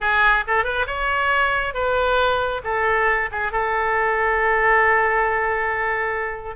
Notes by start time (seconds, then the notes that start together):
0.00 G#4
0.47 A4
0.64 B4
0.86 C#5
1.74 B4
2.64 A4
3.31 G#4
3.52 A4